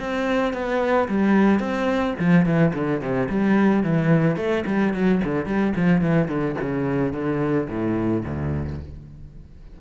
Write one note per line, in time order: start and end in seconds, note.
0.00 0.54 C4
0.54 1.09 B3
1.09 1.60 G3
1.60 2.15 C4
2.20 2.46 F3
2.46 2.73 E3
2.74 3.02 D3
3.02 3.29 C3
3.30 3.84 G3
3.84 4.37 E3
4.37 4.64 A3
4.67 4.94 G3
4.94 5.22 F#3
5.25 5.46 D3
5.46 5.73 G3
5.76 6.02 F3
6.02 6.29 E3
6.29 6.56 D3
6.61 7.13 C#3
7.13 7.68 D3
7.69 8.24 A2
8.26 8.81 D2